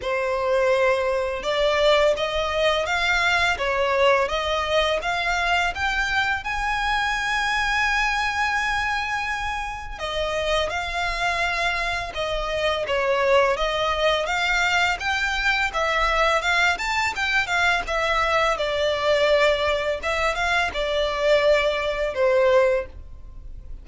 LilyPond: \new Staff \with { instrumentName = "violin" } { \time 4/4 \tempo 4 = 84 c''2 d''4 dis''4 | f''4 cis''4 dis''4 f''4 | g''4 gis''2.~ | gis''2 dis''4 f''4~ |
f''4 dis''4 cis''4 dis''4 | f''4 g''4 e''4 f''8 a''8 | g''8 f''8 e''4 d''2 | e''8 f''8 d''2 c''4 | }